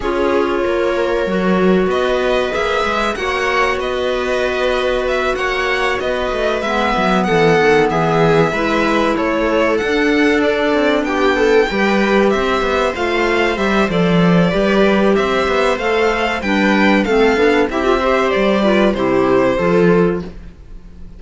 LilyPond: <<
  \new Staff \with { instrumentName = "violin" } { \time 4/4 \tempo 4 = 95 cis''2. dis''4 | e''4 fis''4 dis''2 | e''8 fis''4 dis''4 e''4 fis''8~ | fis''8 e''2 cis''4 fis''8~ |
fis''8 d''4 g''2 e''8~ | e''8 f''4 e''8 d''2 | e''4 f''4 g''4 f''4 | e''4 d''4 c''2 | }
  \new Staff \with { instrumentName = "viola" } { \time 4/4 gis'4 ais'2 b'4~ | b'4 cis''4 b'2~ | b'8 cis''4 b'2 a'8~ | a'8 gis'4 b'4 a'4.~ |
a'4. g'8 a'8 b'4 c''8~ | c''2. b'4 | c''2 b'4 a'4 | g'8 c''4 b'8 g'4 a'4 | }
  \new Staff \with { instrumentName = "clarinet" } { \time 4/4 f'2 fis'2 | gis'4 fis'2.~ | fis'2~ fis'8 b4.~ | b4. e'2 d'8~ |
d'2~ d'8 g'4.~ | g'8 f'4 g'8 a'4 g'4~ | g'4 a'4 d'4 c'8 d'8 | e'16 f'16 g'4 f'8 e'4 f'4 | }
  \new Staff \with { instrumentName = "cello" } { \time 4/4 cis'4 ais4 fis4 b4 | ais8 gis8 ais4 b2~ | b8 ais4 b8 a8 gis8 fis8 e8 | dis8 e4 gis4 a4 d'8~ |
d'4 c'8 b4 g4 c'8 | b8 a4 g8 f4 g4 | c'8 b8 a4 g4 a8 b8 | c'4 g4 c4 f4 | }
>>